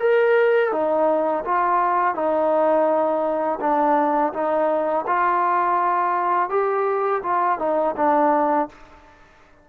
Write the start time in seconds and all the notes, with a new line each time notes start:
0.00 A#4
0.72 D#4
1.45 F4
2.15 D#4
3.61 D4
4.33 D#4
5.07 F4
6.50 G4
7.23 F4
7.59 D#4
7.97 D4